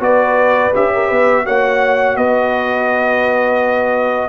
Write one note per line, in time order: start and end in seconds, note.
0.00 0.72 B3
0.00 0.71 F#4
0.00 0.93 B4
0.00 0.74 D5
0.74 1.11 C#4
0.74 1.45 G4
0.74 1.46 E5
0.94 1.08 A#4
1.08 1.46 B3
1.08 1.43 B4
1.45 2.16 A#3
1.45 4.29 F#4
1.45 2.17 C#5
1.45 2.16 F#5
2.16 4.29 B3
2.16 4.29 B4
2.16 4.29 D#5